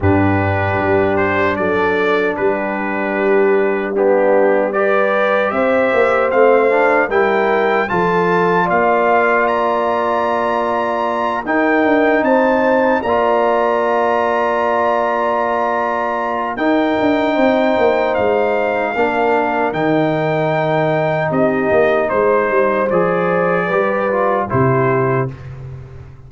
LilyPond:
<<
  \new Staff \with { instrumentName = "trumpet" } { \time 4/4 \tempo 4 = 76 b'4. c''8 d''4 b'4~ | b'4 g'4 d''4 e''4 | f''4 g''4 a''4 f''4 | ais''2~ ais''8 g''4 a''8~ |
a''8 ais''2.~ ais''8~ | ais''4 g''2 f''4~ | f''4 g''2 dis''4 | c''4 d''2 c''4 | }
  \new Staff \with { instrumentName = "horn" } { \time 4/4 g'2 a'4 g'4~ | g'4 d'4 b'4 c''4~ | c''4 ais'4 a'4 d''4~ | d''2~ d''8 ais'4 c''8~ |
c''8 d''2.~ d''8~ | d''4 ais'4 c''2 | ais'2. g'4 | c''2 b'4 g'4 | }
  \new Staff \with { instrumentName = "trombone" } { \time 4/4 d'1~ | d'4 b4 g'2 | c'8 d'8 e'4 f'2~ | f'2~ f'8 dis'4.~ |
dis'8 f'2.~ f'8~ | f'4 dis'2. | d'4 dis'2.~ | dis'4 gis'4 g'8 f'8 e'4 | }
  \new Staff \with { instrumentName = "tuba" } { \time 4/4 g,4 g4 fis4 g4~ | g2. c'8 ais8 | a4 g4 f4 ais4~ | ais2~ ais8 dis'8 d'8 c'8~ |
c'8 ais2.~ ais8~ | ais4 dis'8 d'8 c'8 ais8 gis4 | ais4 dis2 c'8 ais8 | gis8 g8 f4 g4 c4 | }
>>